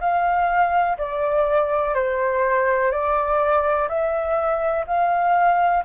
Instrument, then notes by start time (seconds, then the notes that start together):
flute
0.00 F5
0.98 D5
1.94 C5
2.91 D5
3.88 E5
4.87 F5